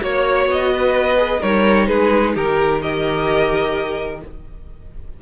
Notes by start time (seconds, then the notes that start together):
0.00 A#3 F#4 C#5
0.45 B3 D#5
0.73 B4
1.17 G#4
1.40 G3 D#4 A#4 C#5
1.87 G#3 G#4 B4
2.34 D#3 G4 A#4
2.82 G4 A#4 D#5